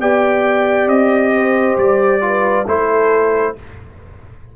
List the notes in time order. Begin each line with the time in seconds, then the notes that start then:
0.00 B3 G4 D5 G5
0.87 C4 D#5
1.34 C5
1.77 G3 D5
2.21 F4 B4
2.66 A3 E4 A4 C5